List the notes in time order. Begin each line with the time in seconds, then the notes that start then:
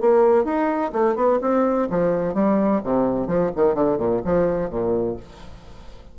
0.00 A#3
0.44 D#4
0.92 A3
1.15 B3
1.41 C4
1.90 F3
2.34 G3
2.83 C3
3.27 F3
3.55 D#3
3.74 D3
3.97 A#2
4.24 F3
4.69 A#2